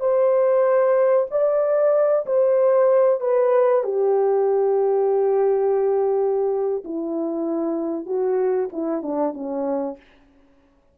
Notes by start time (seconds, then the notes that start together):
0.00 C5
1.31 D5
2.26 C5
3.20 B4
3.84 G4
6.84 E4
8.06 F#4
8.72 E4
9.02 D4
9.34 C#4